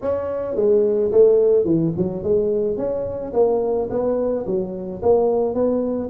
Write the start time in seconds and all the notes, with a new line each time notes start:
0.01 C#4
0.55 G#3
1.11 A3
1.64 E3
1.96 F#3
2.23 G#3
2.77 C#4
3.33 A#3
3.90 B3
4.46 F#3
5.02 A#3
5.54 B3